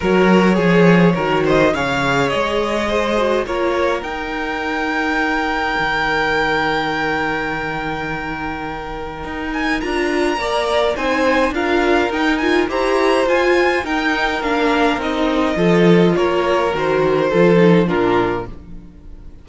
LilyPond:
<<
  \new Staff \with { instrumentName = "violin" } { \time 4/4 \tempo 4 = 104 cis''2~ cis''8 dis''8 f''4 | dis''2 cis''4 g''4~ | g''1~ | g''1~ |
g''8 gis''8 ais''2 gis''4 | f''4 g''8 gis''8 ais''4 gis''4 | g''4 f''4 dis''2 | cis''4 c''2 ais'4 | }
  \new Staff \with { instrumentName = "violin" } { \time 4/4 ais'4 gis'4 ais'8 c''8 cis''4~ | cis''4 c''4 ais'2~ | ais'1~ | ais'1~ |
ais'2 d''4 c''4 | ais'2 c''2 | ais'2. a'4 | ais'2 a'4 f'4 | }
  \new Staff \with { instrumentName = "viola" } { \time 4/4 fis'4 gis'4 fis'4 gis'4~ | gis'4. fis'8 f'4 dis'4~ | dis'1~ | dis'1~ |
dis'4 f'4 ais'4 dis'4 | f'4 dis'8 f'8 g'4 f'4 | dis'4 d'4 dis'4 f'4~ | f'4 fis'4 f'8 dis'8 d'4 | }
  \new Staff \with { instrumentName = "cello" } { \time 4/4 fis4 f4 dis4 cis4 | gis2 ais4 dis'4~ | dis'2 dis2~ | dis1 |
dis'4 d'4 ais4 c'4 | d'4 dis'4 e'4 f'4 | dis'4 ais4 c'4 f4 | ais4 dis4 f4 ais,4 | }
>>